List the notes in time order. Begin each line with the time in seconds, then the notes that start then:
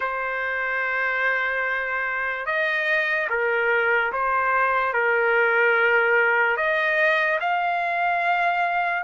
0.00 C5
2.45 D#5
3.29 A#4
4.12 C5
4.93 A#4
6.56 D#5
7.40 F5